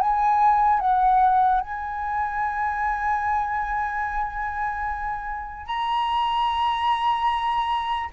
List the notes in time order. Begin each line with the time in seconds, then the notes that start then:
0.00 G#5
0.80 F#5
1.61 G#5
5.66 A#5